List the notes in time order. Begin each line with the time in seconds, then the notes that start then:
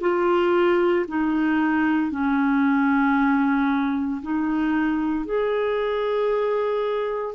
0.00 F4
1.08 D#4
2.11 C#4
4.22 D#4
5.25 G#4